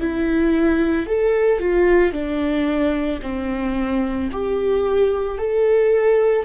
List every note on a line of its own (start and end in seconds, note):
0.00 1.06 E4
1.06 1.59 A4
1.59 2.12 F4
2.12 3.19 D4
3.22 4.29 C4
4.32 5.38 G4
5.38 6.45 A4